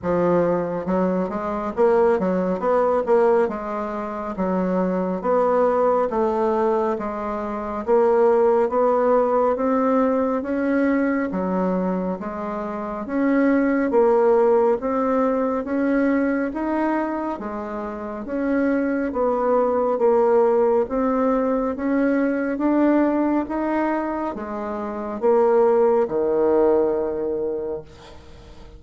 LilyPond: \new Staff \with { instrumentName = "bassoon" } { \time 4/4 \tempo 4 = 69 f4 fis8 gis8 ais8 fis8 b8 ais8 | gis4 fis4 b4 a4 | gis4 ais4 b4 c'4 | cis'4 fis4 gis4 cis'4 |
ais4 c'4 cis'4 dis'4 | gis4 cis'4 b4 ais4 | c'4 cis'4 d'4 dis'4 | gis4 ais4 dis2 | }